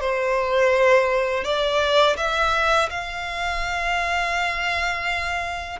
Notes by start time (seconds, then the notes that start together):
0.00 C5
1.44 D5
2.17 E5
2.89 F5